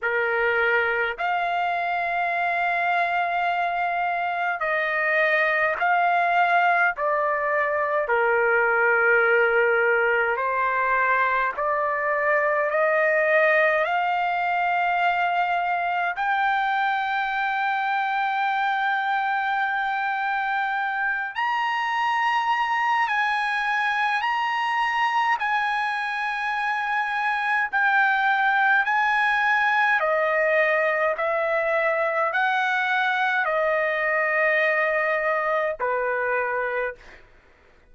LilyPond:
\new Staff \with { instrumentName = "trumpet" } { \time 4/4 \tempo 4 = 52 ais'4 f''2. | dis''4 f''4 d''4 ais'4~ | ais'4 c''4 d''4 dis''4 | f''2 g''2~ |
g''2~ g''8 ais''4. | gis''4 ais''4 gis''2 | g''4 gis''4 dis''4 e''4 | fis''4 dis''2 b'4 | }